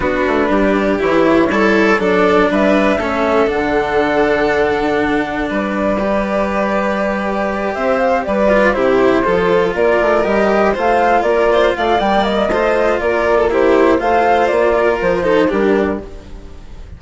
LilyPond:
<<
  \new Staff \with { instrumentName = "flute" } { \time 4/4 \tempo 4 = 120 b'2 cis''2 | d''4 e''2 fis''4~ | fis''2. d''4~ | d''2.~ d''8 e''8 |
f''8 d''4 c''2 d''8~ | d''8 dis''4 f''4 d''4 f''8 | g''8 dis''4. d''4 c''4 | f''4 d''4 c''4 ais'4 | }
  \new Staff \with { instrumentName = "violin" } { \time 4/4 fis'4 g'2 e'4 | a'4 b'4 a'2~ | a'2. b'4~ | b'2.~ b'8 c''8~ |
c''8 b'4 g'4 a'4 ais'8~ | ais'4. c''4 ais'8 c''8 d''8~ | d''4 c''4 ais'8. a'16 g'4 | c''4. ais'4 a'8 g'4 | }
  \new Staff \with { instrumentName = "cello" } { \time 4/4 d'2 e'4 a'4 | d'2 cis'4 d'4~ | d'1 | g'1~ |
g'4 f'8 e'4 f'4.~ | f'8 g'4 f'2~ f'8 | ais4 f'2 e'4 | f'2~ f'8 dis'8 d'4 | }
  \new Staff \with { instrumentName = "bassoon" } { \time 4/4 b8 a8 g4 e4 g4 | fis4 g4 a4 d4~ | d2. g4~ | g2.~ g8 c'8~ |
c'8 g4 c4 f4 ais8 | a8 g4 a4 ais4 a8 | g4 a4 ais2 | a4 ais4 f4 g4 | }
>>